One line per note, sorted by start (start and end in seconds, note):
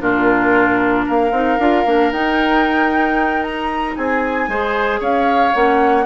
0.00 1.07 A#2
0.00 1.32 D4
0.00 1.06 F4
0.00 1.06 A#4
1.06 1.32 A#3
1.06 3.95 A#4
1.06 2.13 F5
1.32 1.58 C4
1.32 1.59 D#4
1.59 1.85 D4
1.59 1.86 F4
1.86 2.12 A#3
1.86 2.12 D4
2.12 3.96 D#4
2.12 4.50 D#4
2.12 3.43 G5
3.43 3.96 A#5
3.96 4.48 C4
3.96 4.50 G#4
3.96 5.02 G#5
4.48 5.01 G#3
4.48 5.53 G#4
4.48 5.00 C5
5.00 5.54 C#4
5.00 6.05 C#5
5.00 5.55 F5
5.53 6.06 A#3
5.53 6.05 C#4
5.53 6.06 F#5